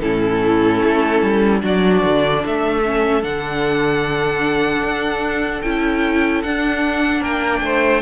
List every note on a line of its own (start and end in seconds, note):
0.00 0.83 A2
0.00 1.61 C#4
0.00 1.63 E4
0.00 1.60 A4
0.83 1.22 A3
1.22 1.62 G3
1.61 2.03 F#3
1.61 2.81 D4
1.61 2.42 F#4
1.61 2.46 D5
2.04 2.44 D3
2.42 3.23 A3
2.42 7.20 A4
2.42 3.24 E5
2.85 3.22 C#4
3.22 4.82 D3
3.22 5.62 D4
3.22 5.62 F#5
4.82 5.62 D4
5.62 6.44 C#4
5.62 6.44 E4
5.62 6.42 G5
6.43 7.21 D4
6.43 8.02 D4
6.43 7.23 F#5
7.20 7.61 A#3
7.20 7.60 A#4
7.20 8.02 G5
7.62 8.02 A3
7.62 8.02 C5